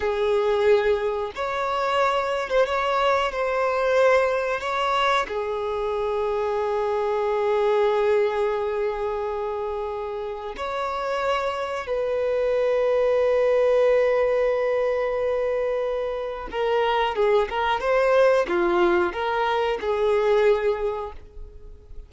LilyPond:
\new Staff \with { instrumentName = "violin" } { \time 4/4 \tempo 4 = 91 gis'2 cis''4.~ cis''16 c''16 | cis''4 c''2 cis''4 | gis'1~ | gis'1 |
cis''2 b'2~ | b'1~ | b'4 ais'4 gis'8 ais'8 c''4 | f'4 ais'4 gis'2 | }